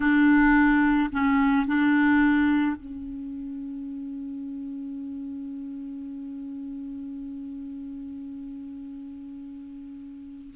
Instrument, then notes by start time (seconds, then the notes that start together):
clarinet
0.00 D4
1.12 C#4
1.66 D4
2.76 C#4